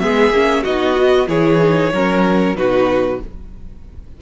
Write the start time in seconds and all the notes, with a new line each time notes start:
0.00 G#3 B3 G#4 E5
0.31 A#3 C#4
0.63 B3 D#4 F#4 D#5
0.97 F#4
1.28 E3 E4 G#4 C#5
1.62 D#4
1.94 F#3 C#4 A#4
2.55 B2 D#4 F#4 B4